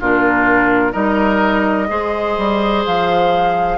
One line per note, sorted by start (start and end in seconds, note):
0.00 0.95 A#2
0.00 0.92 D4
0.00 0.92 F4
0.00 0.93 A#4
0.92 1.90 G3
0.92 1.87 D#4
0.92 1.87 A#4
0.92 2.83 D#5
1.88 2.37 G#3
1.88 3.78 G#4
1.88 3.78 C5
2.38 2.85 G3
2.86 3.78 F3
2.86 3.78 F5